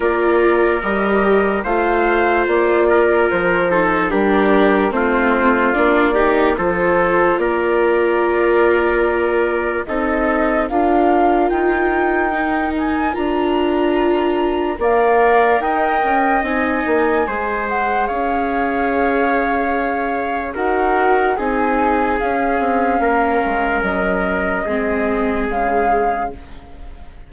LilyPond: <<
  \new Staff \with { instrumentName = "flute" } { \time 4/4 \tempo 4 = 73 d''4 dis''4 f''4 d''4 | c''4 ais'4 c''4 d''4 | c''4 d''2. | dis''4 f''4 g''4. gis''8 |
ais''2 f''4 g''4 | gis''4. fis''8 f''2~ | f''4 fis''4 gis''4 f''4~ | f''4 dis''2 f''4 | }
  \new Staff \with { instrumentName = "trumpet" } { \time 4/4 ais'2 c''4. ais'8~ | ais'8 a'8 g'4 f'4. g'8 | a'4 ais'2. | a'4 ais'2.~ |
ais'2 d''4 dis''4~ | dis''4 c''4 cis''2~ | cis''4 ais'4 gis'2 | ais'2 gis'2 | }
  \new Staff \with { instrumentName = "viola" } { \time 4/4 f'4 g'4 f'2~ | f'8 dis'8 d'4 c'4 d'8 dis'8 | f'1 | dis'4 f'2 dis'4 |
f'2 ais'2 | dis'4 gis'2.~ | gis'4 fis'4 dis'4 cis'4~ | cis'2 c'4 gis4 | }
  \new Staff \with { instrumentName = "bassoon" } { \time 4/4 ais4 g4 a4 ais4 | f4 g4 a4 ais4 | f4 ais2. | c'4 d'4 dis'2 |
d'2 ais4 dis'8 cis'8 | c'8 ais8 gis4 cis'2~ | cis'4 dis'4 c'4 cis'8 c'8 | ais8 gis8 fis4 gis4 cis4 | }
>>